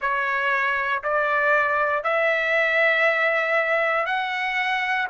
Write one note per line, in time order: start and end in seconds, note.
0.01 1.03 C#5
1.03 2.03 D5
2.03 4.05 E5
4.05 5.07 F#5